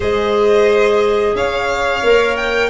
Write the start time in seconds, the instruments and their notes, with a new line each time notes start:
0.00 tuba G#3, clarinet G#4, violin C5 D#5
1.34 tuba C#4, violin C#5 F5
2.02 tuba A#3, clarinet A#4
2.36 violin G5